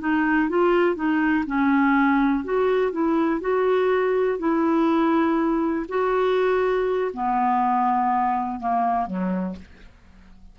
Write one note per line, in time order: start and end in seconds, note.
0.00 0.49 D#4
0.49 0.95 F4
0.95 1.45 D#4
1.46 2.44 C#4
2.44 2.92 F#4
2.92 3.41 E4
3.41 4.39 F#4
4.39 5.86 E4
5.89 7.12 F#4
7.13 8.60 B3
8.60 9.07 A#3
9.07 9.56 F#3